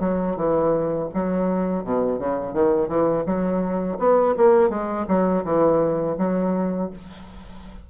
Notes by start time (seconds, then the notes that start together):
0.00 F#3
0.36 E3
1.14 F#3
1.84 B2
2.19 C#3
2.53 D#3
2.88 E3
3.26 F#3
3.99 B3
4.37 A#3
4.70 G#3
5.08 F#3
5.44 E3
6.18 F#3